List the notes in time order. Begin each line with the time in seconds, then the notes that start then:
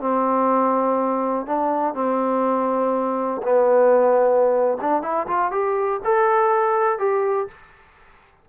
0.00 C4
1.46 D4
1.94 C4
3.42 B3
4.81 D4
5.02 E4
5.26 F4
5.51 G4
6.04 A4
6.98 G4